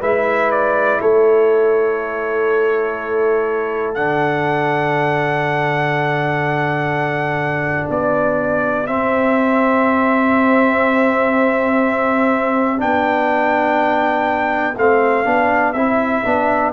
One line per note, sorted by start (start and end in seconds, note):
0.00 0.99 G#3
0.00 3.96 E4
0.00 0.98 B4
0.00 0.51 E5
0.51 1.00 D5
1.01 3.96 A3
1.01 7.89 A4
1.01 3.94 C#5
3.94 7.89 D3
3.94 8.86 D4
3.94 7.87 F#5
7.89 8.87 B3
7.89 16.72 G4
7.89 8.86 D5
8.86 12.77 C4
8.86 12.81 C4
8.86 12.80 E5
12.77 14.75 B3
12.77 14.74 D4
12.77 14.77 G5
14.75 15.25 A3
14.75 15.24 C4
14.75 15.72 F5
15.24 15.74 B3
15.24 15.74 D4
15.72 16.23 C4
15.72 16.24 E4
15.72 16.71 E5
16.24 16.72 B3
16.24 16.72 D4